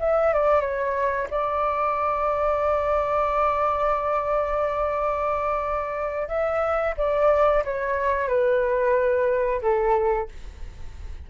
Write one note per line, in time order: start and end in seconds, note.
0.00 0.33 E5
0.33 0.61 D5
0.61 1.28 C#5
1.31 6.28 D5
6.28 6.95 E5
6.97 7.64 D5
7.65 8.28 C#5
8.28 9.62 B4
9.62 10.28 A4